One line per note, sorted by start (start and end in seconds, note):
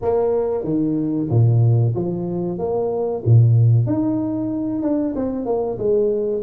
0.01 0.64 A#3
0.64 1.28 D#3
1.29 1.94 A#2
1.95 2.58 F3
2.58 3.23 A#3
3.25 3.86 A#2
3.86 4.82 D#4
4.82 5.14 D4
5.15 5.45 C4
5.45 5.77 A#3
5.78 6.42 G#3